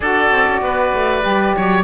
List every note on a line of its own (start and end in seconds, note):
0.00 0.31 D4
0.00 1.21 F#4
0.00 0.60 A4
0.00 1.84 D5
0.31 0.46 C4
0.48 0.61 C#4
0.61 0.92 B3
0.61 1.56 B4
0.93 1.24 A3
1.21 1.55 G3
1.21 1.83 G4
1.56 1.84 F#3
1.56 1.84 C#5